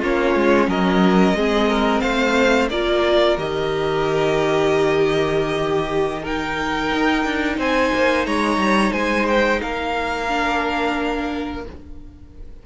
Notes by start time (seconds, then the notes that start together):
0.00 A#3 C#4 F4 C#5
0.36 G#3
0.68 F#3 A#4 D#5
1.34 G#3 C4 G#4
1.70 A#4
2.01 A3 C5 F5
2.71 A#3 F4 A#4 D5
3.38 D#3 G4 D#5
5.58 G4
6.23 D#4 A#4 G5
6.92 D#4
7.25 D4
7.58 C4 C5 G#5
7.94 A#3
8.26 G#3 C#5 A#5
8.58 G3
8.93 G#3 C5 G#5
9.28 G5
9.62 A#3 A#4 F5
10.28 D4